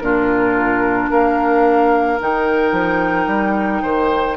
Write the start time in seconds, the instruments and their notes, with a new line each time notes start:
0.00 bassoon A#2, clarinet D4, oboe F4, flute A#4
1.10 bassoon A#3, oboe A#4, flute F5
2.19 bassoon D#3, clarinet D#4, flute G5
2.72 bassoon F3
3.27 bassoon G3
3.82 bassoon D#3, oboe C5